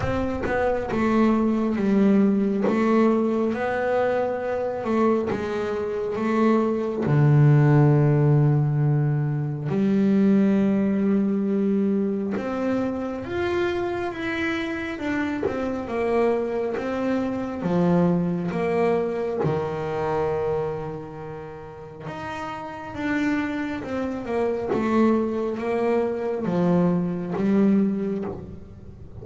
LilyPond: \new Staff \with { instrumentName = "double bass" } { \time 4/4 \tempo 4 = 68 c'8 b8 a4 g4 a4 | b4. a8 gis4 a4 | d2. g4~ | g2 c'4 f'4 |
e'4 d'8 c'8 ais4 c'4 | f4 ais4 dis2~ | dis4 dis'4 d'4 c'8 ais8 | a4 ais4 f4 g4 | }